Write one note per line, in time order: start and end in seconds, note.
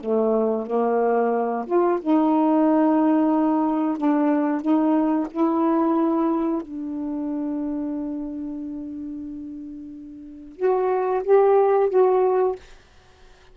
0.00 0.66 A3
0.66 1.65 A#3
1.66 1.99 F4
2.01 3.97 D#4
3.97 4.61 D4
4.61 5.27 D#4
5.30 6.61 E4
6.61 10.56 D4
10.56 11.22 F#4
11.23 11.89 G4
11.89 12.55 F#4